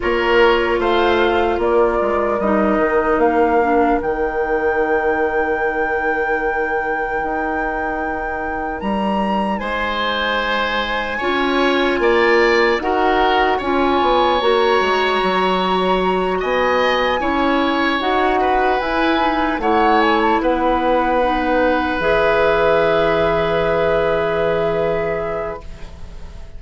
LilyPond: <<
  \new Staff \with { instrumentName = "flute" } { \time 4/4 \tempo 4 = 75 cis''4 f''4 d''4 dis''4 | f''4 g''2.~ | g''2. ais''4 | gis''1 |
fis''4 gis''4 ais''2~ | ais''8 gis''2 fis''4 gis''8~ | gis''8 fis''8 gis''16 a''16 fis''2 e''8~ | e''1 | }
  \new Staff \with { instrumentName = "oboe" } { \time 4/4 ais'4 c''4 ais'2~ | ais'1~ | ais'1 | c''2 cis''4 d''4 |
ais'4 cis''2.~ | cis''8 dis''4 cis''4. b'4~ | b'8 cis''4 b'2~ b'8~ | b'1 | }
  \new Staff \with { instrumentName = "clarinet" } { \time 4/4 f'2. dis'4~ | dis'8 d'8 dis'2.~ | dis'1~ | dis'2 f'2 |
fis'4 f'4 fis'2~ | fis'4. e'4 fis'4 e'8 | dis'8 e'2 dis'4 gis'8~ | gis'1 | }
  \new Staff \with { instrumentName = "bassoon" } { \time 4/4 ais4 a4 ais8 gis8 g8 dis8 | ais4 dis2.~ | dis4 dis'2 g4 | gis2 cis'4 ais4 |
dis'4 cis'8 b8 ais8 gis8 fis4~ | fis8 b4 cis'4 dis'4 e'8~ | e'8 a4 b2 e8~ | e1 | }
>>